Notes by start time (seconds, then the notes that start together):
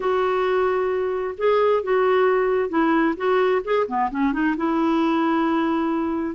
0.00 F#4
1.37 G#4
1.83 F#4
2.69 E4
3.16 F#4
3.64 G#4
3.87 B3
4.10 C#4
4.32 D#4
4.56 E4